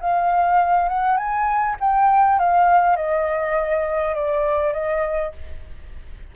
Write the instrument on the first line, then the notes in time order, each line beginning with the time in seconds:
flute
0.00 F5
0.88 F#5
1.17 G#5
1.80 G5
2.39 F5
2.96 D#5
4.15 D5
4.73 D#5